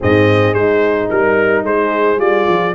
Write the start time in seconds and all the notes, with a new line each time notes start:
0.00 G#2 C4 G#4 D#5
0.53 G#3 D#4 C5
1.09 G3 A#4
1.63 G#3 G#4 C5
2.17 G3 F4 D5
2.48 F3